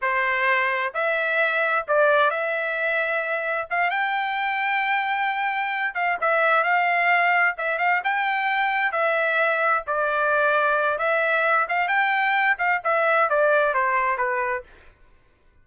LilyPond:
\new Staff \with { instrumentName = "trumpet" } { \time 4/4 \tempo 4 = 131 c''2 e''2 | d''4 e''2. | f''8 g''2.~ g''8~ | g''4 f''8 e''4 f''4.~ |
f''8 e''8 f''8 g''2 e''8~ | e''4. d''2~ d''8 | e''4. f''8 g''4. f''8 | e''4 d''4 c''4 b'4 | }